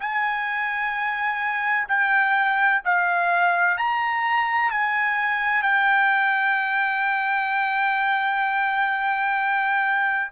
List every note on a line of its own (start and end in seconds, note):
0.00 1.87 G#5
1.88 2.82 G5
2.85 3.78 F5
3.78 4.71 A#5
4.71 5.63 G#5
5.63 10.32 G5